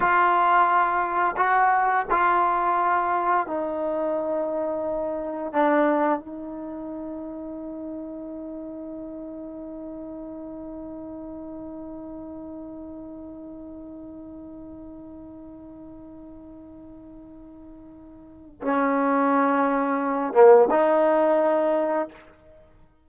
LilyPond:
\new Staff \with { instrumentName = "trombone" } { \time 4/4 \tempo 4 = 87 f'2 fis'4 f'4~ | f'4 dis'2. | d'4 dis'2.~ | dis'1~ |
dis'1~ | dis'1~ | dis'2. cis'4~ | cis'4. ais8 dis'2 | }